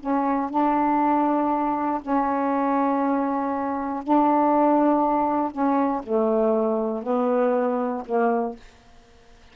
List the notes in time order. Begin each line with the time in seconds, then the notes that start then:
0.00 C#4
0.50 D4
2.02 C#4
4.04 D4
5.52 C#4
6.03 A3
7.03 B3
8.06 A#3